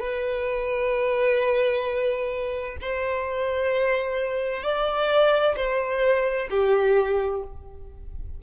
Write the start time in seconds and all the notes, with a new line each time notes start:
0.00 B4
2.81 C5
4.63 D5
5.56 C5
6.50 G4